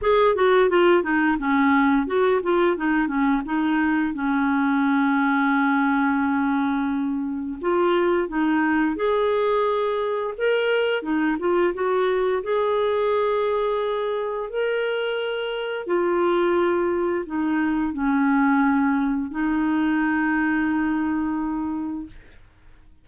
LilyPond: \new Staff \with { instrumentName = "clarinet" } { \time 4/4 \tempo 4 = 87 gis'8 fis'8 f'8 dis'8 cis'4 fis'8 f'8 | dis'8 cis'8 dis'4 cis'2~ | cis'2. f'4 | dis'4 gis'2 ais'4 |
dis'8 f'8 fis'4 gis'2~ | gis'4 ais'2 f'4~ | f'4 dis'4 cis'2 | dis'1 | }